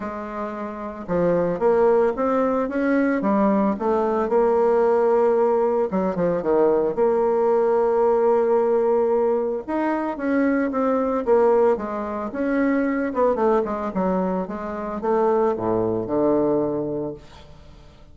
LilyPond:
\new Staff \with { instrumentName = "bassoon" } { \time 4/4 \tempo 4 = 112 gis2 f4 ais4 | c'4 cis'4 g4 a4 | ais2. fis8 f8 | dis4 ais2.~ |
ais2 dis'4 cis'4 | c'4 ais4 gis4 cis'4~ | cis'8 b8 a8 gis8 fis4 gis4 | a4 a,4 d2 | }